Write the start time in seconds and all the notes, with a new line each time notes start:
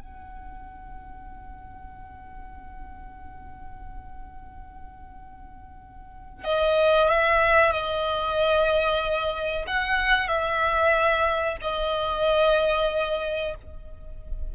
0.00 F#5
6.44 D#5
7.09 E5
7.72 D#5
9.67 F#5
10.28 E5
11.62 D#5